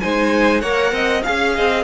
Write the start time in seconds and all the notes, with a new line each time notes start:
0.00 G#3 D#4 C5 G#5
0.61 A#3 A#4 C#5 F#5
0.92 C4 D#5
1.22 C#4 G#4 F5
1.55 C4 D#5